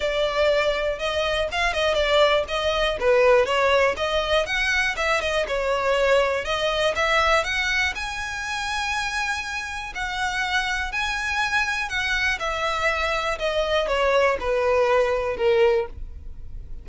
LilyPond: \new Staff \with { instrumentName = "violin" } { \time 4/4 \tempo 4 = 121 d''2 dis''4 f''8 dis''8 | d''4 dis''4 b'4 cis''4 | dis''4 fis''4 e''8 dis''8 cis''4~ | cis''4 dis''4 e''4 fis''4 |
gis''1 | fis''2 gis''2 | fis''4 e''2 dis''4 | cis''4 b'2 ais'4 | }